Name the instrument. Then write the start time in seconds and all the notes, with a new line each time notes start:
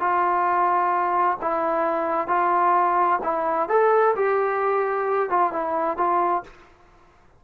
trombone
0.00 F4
1.42 E4
2.28 F4
3.23 E4
3.69 A4
4.16 G4
5.30 F4
5.52 E4
5.97 F4